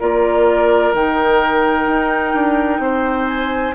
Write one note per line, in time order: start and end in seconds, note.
0.00 0.94 A#3
0.00 0.95 F4
0.00 2.81 A#4
0.00 0.94 D5
0.94 1.87 D#3
0.94 3.76 D#4
0.94 3.27 G5
1.87 2.34 D#4
2.34 2.79 D4
2.79 3.73 C4
2.79 3.76 C5
3.27 3.74 G#5